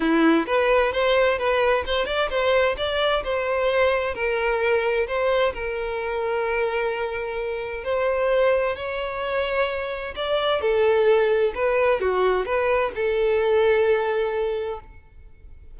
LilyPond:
\new Staff \with { instrumentName = "violin" } { \time 4/4 \tempo 4 = 130 e'4 b'4 c''4 b'4 | c''8 d''8 c''4 d''4 c''4~ | c''4 ais'2 c''4 | ais'1~ |
ais'4 c''2 cis''4~ | cis''2 d''4 a'4~ | a'4 b'4 fis'4 b'4 | a'1 | }